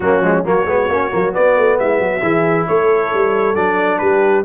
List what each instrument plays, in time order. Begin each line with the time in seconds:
0.00 tuba F#3, trombone A#3, horn C#4, trumpet F#4
0.19 tuba F3, trombone G#3
0.44 tuba F#3, trombone A#3, horn F#4, trumpet C#5
0.65 tuba G#3, trombone B3
0.88 tuba A#3, trombone C#4
1.10 tuba F#3, trombone A#3
1.32 trombone B3, tuba B3, trumpet D5
1.56 tuba A3
1.79 tuba G#3, horn E4, trumpet E5
1.98 tuba F#3, horn F#4
2.22 tuba E3, trombone E4, horn G#4
2.67 tuba A3, horn A4, trumpet C#5
3.13 tuba G3
3.55 tuba F#3, trombone D4, trumpet D5
3.98 tuba G3, horn G4, trumpet B4